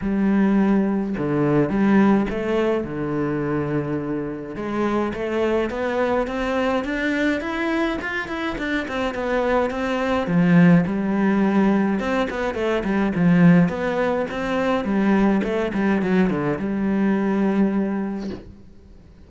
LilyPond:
\new Staff \with { instrumentName = "cello" } { \time 4/4 \tempo 4 = 105 g2 d4 g4 | a4 d2. | gis4 a4 b4 c'4 | d'4 e'4 f'8 e'8 d'8 c'8 |
b4 c'4 f4 g4~ | g4 c'8 b8 a8 g8 f4 | b4 c'4 g4 a8 g8 | fis8 d8 g2. | }